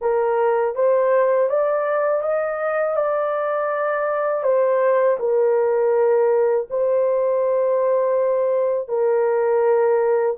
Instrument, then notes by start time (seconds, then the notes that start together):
horn
0.01 A#4
0.75 C5
1.48 D5
2.22 D#5
2.96 D5
4.43 C5
5.19 A#4
6.70 C5
8.88 A#4